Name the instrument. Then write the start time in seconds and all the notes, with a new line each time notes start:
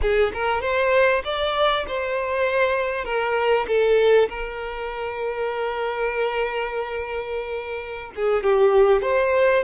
violin
0.01 G#4
0.33 A#4
0.61 C5
1.24 D5
1.87 C5
3.04 A#4
3.67 A4
4.29 A#4
8.15 G#4
8.43 G4
9.02 C5